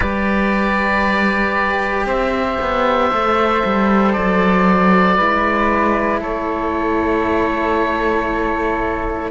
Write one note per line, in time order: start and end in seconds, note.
0.00 2.05 G3
0.00 3.10 G4
0.00 2.04 B4
0.00 2.06 D5
2.05 2.57 C4
2.05 5.16 C5
2.05 4.12 E5
2.60 3.11 B3
3.11 3.62 A3
3.11 5.17 A4
3.65 4.16 G3
4.12 5.18 F#3
4.12 6.19 D5
5.16 6.21 G#3
5.16 9.31 E4
5.16 6.19 B4
6.20 9.31 A3
6.20 9.30 A4
6.20 9.31 C#5